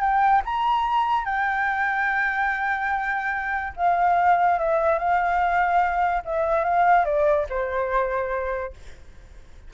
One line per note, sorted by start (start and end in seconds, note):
0.00 0.41 G5
0.45 1.25 A#5
1.25 3.73 G5
3.76 4.59 F5
4.59 4.98 E5
4.98 6.22 F5
6.25 6.64 E5
6.64 7.05 F5
7.05 7.46 D5
7.49 8.73 C5